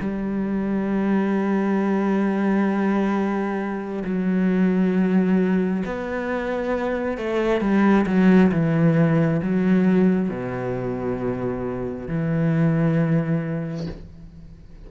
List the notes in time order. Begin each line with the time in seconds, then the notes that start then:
0.00 G3
4.04 F#3
5.85 B3
7.17 A3
7.60 G3
8.06 F#3
8.51 E3
9.42 F#3
10.29 B2
12.07 E3